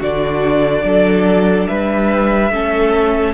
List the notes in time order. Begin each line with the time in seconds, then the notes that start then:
0.00 D3 D4 F#4 D5
0.84 F#3 A4
1.67 G3 B4 E5
2.51 A3 C#4 A4